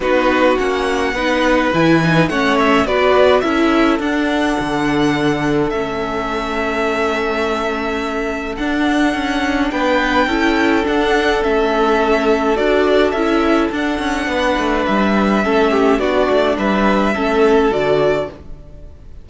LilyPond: <<
  \new Staff \with { instrumentName = "violin" } { \time 4/4 \tempo 4 = 105 b'4 fis''2 gis''4 | fis''8 e''8 d''4 e''4 fis''4~ | fis''2 e''2~ | e''2. fis''4~ |
fis''4 g''2 fis''4 | e''2 d''4 e''4 | fis''2 e''2 | d''4 e''2 d''4 | }
  \new Staff \with { instrumentName = "violin" } { \time 4/4 fis'2 b'2 | cis''4 b'4 a'2~ | a'1~ | a'1~ |
a'4 b'4 a'2~ | a'1~ | a'4 b'2 a'8 g'8 | fis'4 b'4 a'2 | }
  \new Staff \with { instrumentName = "viola" } { \time 4/4 dis'4 cis'4 dis'4 e'8 dis'8 | cis'4 fis'4 e'4 d'4~ | d'2 cis'2~ | cis'2. d'4~ |
d'2 e'4 d'4 | cis'2 fis'4 e'4 | d'2. cis'4 | d'2 cis'4 fis'4 | }
  \new Staff \with { instrumentName = "cello" } { \time 4/4 b4 ais4 b4 e4 | a4 b4 cis'4 d'4 | d2 a2~ | a2. d'4 |
cis'4 b4 cis'4 d'4 | a2 d'4 cis'4 | d'8 cis'8 b8 a8 g4 a4 | b8 a8 g4 a4 d4 | }
>>